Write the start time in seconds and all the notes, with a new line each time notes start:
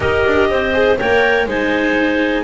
0.00 D#4 G4 A#4 D#5
0.26 D4
0.50 C4 C5
0.72 G#4
0.98 A#3 A#4 C#5 G5
1.45 G#3 D#4 C5 G#5